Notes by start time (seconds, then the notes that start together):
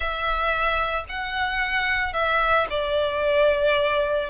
0.00 E5
1.09 F#5
2.13 E5
2.70 D5